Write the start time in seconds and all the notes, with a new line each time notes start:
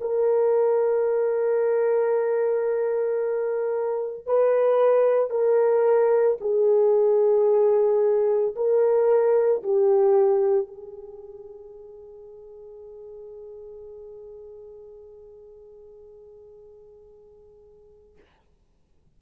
0.00 A#4
4.26 B4
5.30 A#4
6.40 G#4
8.55 A#4
9.62 G4
10.67 G#4